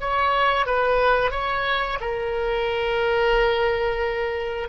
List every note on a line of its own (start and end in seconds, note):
0.00 0.66 C#5
0.66 1.31 B4
1.31 1.98 C#5
2.00 4.68 A#4